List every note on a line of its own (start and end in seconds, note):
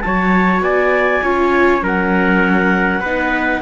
0.00 0.60 F#3
0.00 1.24 F#4
0.00 0.64 C#5
0.00 0.60 A5
0.60 1.21 B3
0.60 1.23 D5
0.60 1.82 G#5
1.23 1.82 C#4
1.23 1.82 F4
1.23 1.83 C#5
1.82 3.01 F#3
1.82 3.02 C#4
1.82 3.00 A#4
1.82 3.62 F#5
3.00 3.61 B3
3.00 3.62 D#4
3.00 3.60 B4